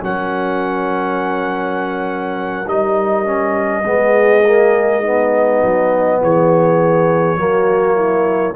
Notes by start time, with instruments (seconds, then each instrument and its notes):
0.00 tuba F#3, trombone C#4, horn A#4, trumpet F#5
2.66 tuba G3, trombone D#4, trumpet D#5
3.24 trombone C#4
3.84 tuba G#3, trombone B3, horn G#4
4.45 trombone A#3
5.00 trombone B3, horn D#4
5.62 tuba F#3
6.22 tuba E3, horn G#4, trumpet C#5
7.37 tuba F#3, trombone A#3, horn F#4
7.95 horn E4